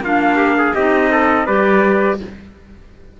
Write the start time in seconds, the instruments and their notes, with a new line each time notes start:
0.00 cello A#3, clarinet D4, trumpet F4 F5
0.36 trumpet G4
0.57 trumpet G#4
0.74 cello C4, clarinet D#4, trumpet G4 D#5
1.11 trumpet A4
1.46 cello G3, clarinet G4, trumpet B4 D5